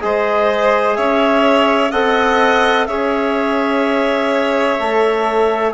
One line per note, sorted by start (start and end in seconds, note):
0.00 0.97 G#3
0.00 1.90 G#4
0.00 0.97 C5
0.00 0.96 D#5
0.96 1.92 C#4
0.96 1.91 C#5
0.96 1.91 E5
1.91 2.87 C4
1.91 2.87 A4
1.91 2.87 D#5
1.91 2.86 F#5
2.86 4.78 C#4
2.86 4.79 G#4
2.86 5.73 C#5
2.86 5.72 E5
4.79 5.74 A3
4.79 5.74 A4